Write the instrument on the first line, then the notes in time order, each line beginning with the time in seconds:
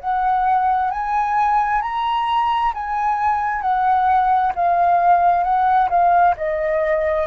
flute
0.00 F#5
0.91 G#5
1.82 A#5
2.74 G#5
3.62 F#5
4.55 F5
5.44 F#5
5.90 F5
6.37 D#5